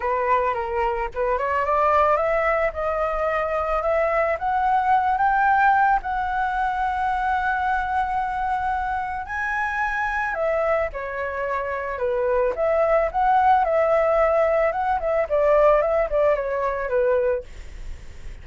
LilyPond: \new Staff \with { instrumentName = "flute" } { \time 4/4 \tempo 4 = 110 b'4 ais'4 b'8 cis''8 d''4 | e''4 dis''2 e''4 | fis''4. g''4. fis''4~ | fis''1~ |
fis''4 gis''2 e''4 | cis''2 b'4 e''4 | fis''4 e''2 fis''8 e''8 | d''4 e''8 d''8 cis''4 b'4 | }